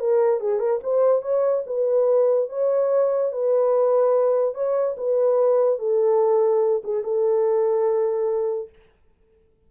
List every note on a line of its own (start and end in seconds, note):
0.00 0.41 A#4
0.41 0.60 G#4
0.60 0.80 A#4
0.84 1.23 C5
1.23 1.64 C#5
1.67 2.50 B4
2.50 3.32 C#5
3.32 4.55 B4
4.55 4.96 C#5
4.97 5.79 B4
5.79 6.83 A4
6.84 7.04 G#4
7.04 8.70 A4